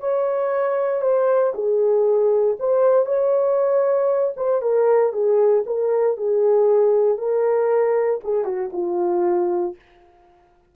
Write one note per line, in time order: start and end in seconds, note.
0.00 1.02 C#5
1.02 1.53 C5
1.55 2.57 G#4
2.60 3.06 C5
3.06 4.34 C#5
4.37 4.62 C5
4.62 5.13 A#4
5.13 5.65 G#4
5.67 6.17 A#4
6.17 7.18 G#4
7.18 8.21 A#4
8.24 8.45 G#4
8.45 8.71 F#4
8.73 9.76 F4